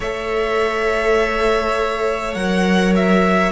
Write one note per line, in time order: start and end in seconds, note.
0.00 2.35 A3
0.00 2.35 A4
0.00 3.51 C#5
0.00 2.34 E5
2.34 3.51 F#3
2.34 3.51 A#4
2.34 2.93 F#5
2.95 3.51 E5